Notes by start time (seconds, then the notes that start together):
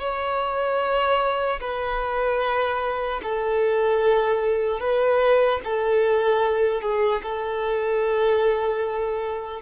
0.00 C#5
1.60 B4
3.23 A4
4.80 B4
5.64 A4
6.82 G#4
7.23 A4